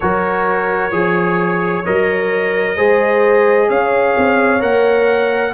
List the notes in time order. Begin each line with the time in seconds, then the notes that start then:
0.00 F#3 F#4 A#4 C#5
0.90 F3 G#4 C#5
1.85 F#3 A#4 D#5
2.76 G#3 G#4 C5
3.68 C#4 C#5 F5
4.17 C4
4.60 A#3 A#4 F#5